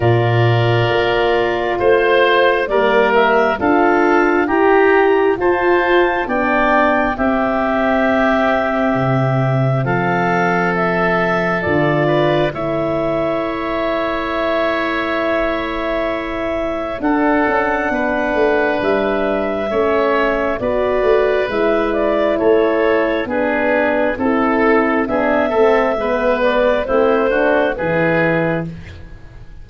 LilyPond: <<
  \new Staff \with { instrumentName = "clarinet" } { \time 4/4 \tempo 4 = 67 d''2 c''4 d''8 e''8 | f''4 ais''4 a''4 g''4 | e''2. f''4 | e''4 d''4 e''2~ |
e''2. fis''4~ | fis''4 e''2 d''4 | e''8 d''8 cis''4 b'4 a'4 | e''4. d''8 c''4 b'4 | }
  \new Staff \with { instrumentName = "oboe" } { \time 4/4 ais'2 c''4 ais'4 | a'4 g'4 c''4 d''4 | g'2. a'4~ | a'4. b'8 cis''2~ |
cis''2. a'4 | b'2 cis''4 b'4~ | b'4 a'4 gis'4 a'4 | gis'8 a'8 b'4 e'8 fis'8 gis'4 | }
  \new Staff \with { instrumentName = "horn" } { \time 4/4 f'2. ais4 | f'4 g'4 f'4 d'4 | c'1~ | c'4 f'4 e'2~ |
e'2. d'4~ | d'2 cis'4 fis'4 | e'2 d'4 e'4 | d'8 c'8 b4 c'8 d'8 e'4 | }
  \new Staff \with { instrumentName = "tuba" } { \time 4/4 ais,4 ais4 a4 g4 | d'4 e'4 f'4 b4 | c'2 c4 f4~ | f4 d4 a2~ |
a2. d'8 cis'8 | b8 a8 g4 a4 b8 a8 | gis4 a4 b4 c'4 | b8 a8 gis4 a4 e4 | }
>>